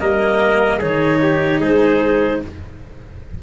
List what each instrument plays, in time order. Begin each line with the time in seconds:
0.00 tuba G3, cello A#3, trumpet A#4, clarinet D#5
0.79 tuba D#3, cello D#4, trumpet G#4, clarinet C#5
1.23 trumpet G4
1.61 tuba G#3, trumpet G#4, clarinet C5